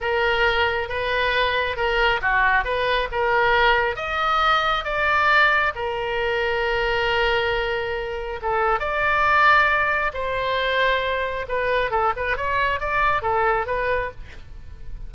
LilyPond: \new Staff \with { instrumentName = "oboe" } { \time 4/4 \tempo 4 = 136 ais'2 b'2 | ais'4 fis'4 b'4 ais'4~ | ais'4 dis''2 d''4~ | d''4 ais'2.~ |
ais'2. a'4 | d''2. c''4~ | c''2 b'4 a'8 b'8 | cis''4 d''4 a'4 b'4 | }